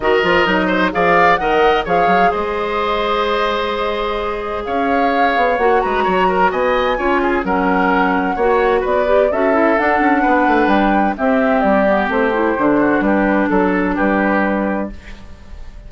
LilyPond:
<<
  \new Staff \with { instrumentName = "flute" } { \time 4/4 \tempo 4 = 129 dis''2 f''4 fis''4 | f''4 dis''2.~ | dis''2 f''2 | fis''8 ais''4. gis''2 |
fis''2. d''4 | e''4 fis''2 g''4 | e''4 d''4 c''2 | b'4 a'4 b'2 | }
  \new Staff \with { instrumentName = "oboe" } { \time 4/4 ais'4. c''8 d''4 dis''4 | cis''4 c''2.~ | c''2 cis''2~ | cis''8 b'8 cis''8 ais'8 dis''4 cis''8 gis'8 |
ais'2 cis''4 b'4 | a'2 b'2 | g'2.~ g'8 fis'8 | g'4 a'4 g'2 | }
  \new Staff \with { instrumentName = "clarinet" } { \time 4/4 fis'8 f'8 dis'4 gis'4 ais'4 | gis'1~ | gis'1 | fis'2. f'4 |
cis'2 fis'4. g'8 | fis'8 e'8 d'2. | c'4. b8 c'8 e'8 d'4~ | d'1 | }
  \new Staff \with { instrumentName = "bassoon" } { \time 4/4 dis8 f8 fis4 f4 dis4 | f8 fis8 gis2.~ | gis2 cis'4. b8 | ais8 gis8 fis4 b4 cis'4 |
fis2 ais4 b4 | cis'4 d'8 cis'8 b8 a8 g4 | c'4 g4 a4 d4 | g4 fis4 g2 | }
>>